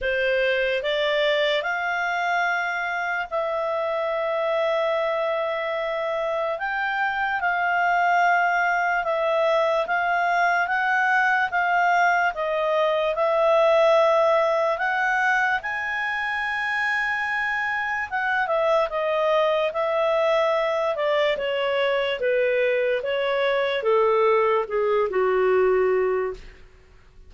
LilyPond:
\new Staff \with { instrumentName = "clarinet" } { \time 4/4 \tempo 4 = 73 c''4 d''4 f''2 | e''1 | g''4 f''2 e''4 | f''4 fis''4 f''4 dis''4 |
e''2 fis''4 gis''4~ | gis''2 fis''8 e''8 dis''4 | e''4. d''8 cis''4 b'4 | cis''4 a'4 gis'8 fis'4. | }